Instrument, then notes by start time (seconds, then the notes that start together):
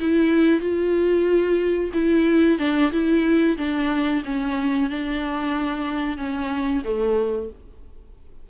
viola
0.00 E4
0.60 F4
1.94 E4
2.59 D4
2.92 E4
3.58 D4
4.25 C#4
4.90 D4
6.18 C#4
6.84 A3